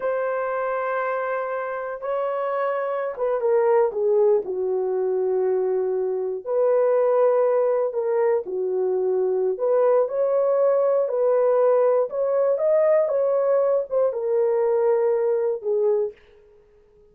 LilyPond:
\new Staff \with { instrumentName = "horn" } { \time 4/4 \tempo 4 = 119 c''1 | cis''2~ cis''16 b'8 ais'4 gis'16~ | gis'8. fis'2.~ fis'16~ | fis'8. b'2. ais'16~ |
ais'8. fis'2~ fis'16 b'4 | cis''2 b'2 | cis''4 dis''4 cis''4. c''8 | ais'2. gis'4 | }